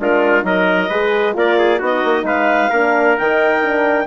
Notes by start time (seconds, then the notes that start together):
0.00 G#3 D4 F4 A#4
0.43 F#3 D#4 A#4 D#5
0.89 G#3 G#4 B4
1.34 A#3 F4 A#4 D5
1.59 G#4
1.79 B3 D#4 F#4 D#5
2.04 A#3
2.24 G#3 B4 F5
2.70 A#3 D4 A#4
3.18 D#3 D#4 G5
3.64 D4